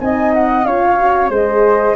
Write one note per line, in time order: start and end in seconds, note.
0.00 0.65 C4
0.00 0.66 D#4
0.00 0.67 D#5
0.00 0.33 G#5
0.34 0.64 F#5
0.64 1.29 C#4
0.64 0.98 F4
0.64 1.31 C#5
0.64 1.29 F5
0.98 1.31 F#4
1.29 1.94 G#3
1.29 1.96 G#4
1.29 1.96 C5
1.29 1.96 D#5